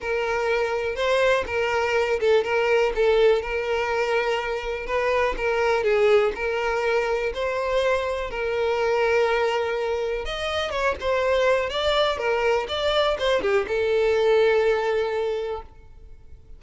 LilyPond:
\new Staff \with { instrumentName = "violin" } { \time 4/4 \tempo 4 = 123 ais'2 c''4 ais'4~ | ais'8 a'8 ais'4 a'4 ais'4~ | ais'2 b'4 ais'4 | gis'4 ais'2 c''4~ |
c''4 ais'2.~ | ais'4 dis''4 cis''8 c''4. | d''4 ais'4 d''4 c''8 g'8 | a'1 | }